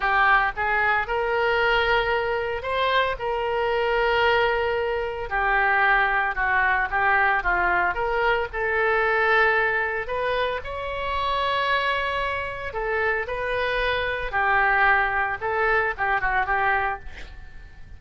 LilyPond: \new Staff \with { instrumentName = "oboe" } { \time 4/4 \tempo 4 = 113 g'4 gis'4 ais'2~ | ais'4 c''4 ais'2~ | ais'2 g'2 | fis'4 g'4 f'4 ais'4 |
a'2. b'4 | cis''1 | a'4 b'2 g'4~ | g'4 a'4 g'8 fis'8 g'4 | }